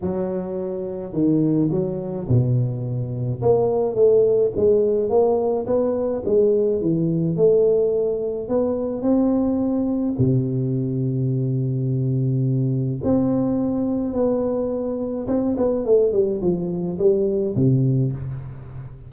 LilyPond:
\new Staff \with { instrumentName = "tuba" } { \time 4/4 \tempo 4 = 106 fis2 dis4 fis4 | b,2 ais4 a4 | gis4 ais4 b4 gis4 | e4 a2 b4 |
c'2 c2~ | c2. c'4~ | c'4 b2 c'8 b8 | a8 g8 f4 g4 c4 | }